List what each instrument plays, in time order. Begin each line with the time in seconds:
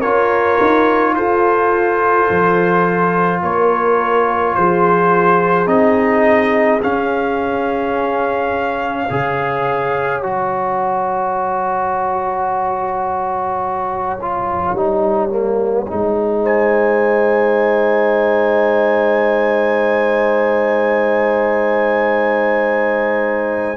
0.00 tuba C#4, trombone F4, horn A#4, trumpet C#5
0.61 tuba D#4
1.16 tuba F4, horn A4, trumpet C5
2.30 tuba F3
3.43 tuba A#3, horn A#4, trumpet C#5
4.55 tuba F3, horn G#4, trumpet C5
5.67 tuba C4, trombone D#4, trumpet D#5
6.83 trombone C#4, tuba C#4, trumpet F5
9.09 tuba C#3, trombone G#4, horn C#5
10.22 tuba F#3, trombone F#4, trumpet A#5
14.21 trombone F4
14.74 tuba G3, trombone D#4
15.29 trombone A#3
15.87 tuba G#3, trombone D#4
16.43 horn C5, trumpet G#5